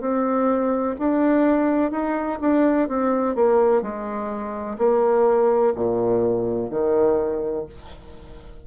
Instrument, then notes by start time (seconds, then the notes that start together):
bassoon
0.00 C4
0.98 D4
1.91 D#4
2.40 D4
2.88 C4
3.35 A#3
3.82 G#3
4.78 A#3
5.75 A#2
6.70 D#3